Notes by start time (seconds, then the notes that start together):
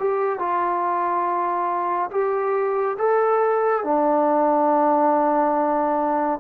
0.00 G4
0.39 F4
2.12 G4
2.99 A4
3.84 D4